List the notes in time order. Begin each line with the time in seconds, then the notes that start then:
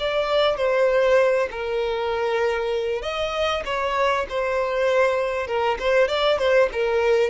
0.00 D5
0.57 C5
1.52 A#4
3.03 D#5
3.65 C#5
4.29 C5
5.47 A#4
5.80 C5
6.08 D5
6.39 C5
6.73 A#4